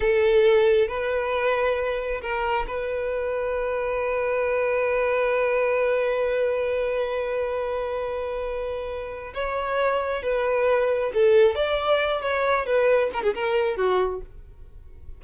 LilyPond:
\new Staff \with { instrumentName = "violin" } { \time 4/4 \tempo 4 = 135 a'2 b'2~ | b'4 ais'4 b'2~ | b'1~ | b'1~ |
b'1~ | b'4 cis''2 b'4~ | b'4 a'4 d''4. cis''8~ | cis''8 b'4 ais'16 gis'16 ais'4 fis'4 | }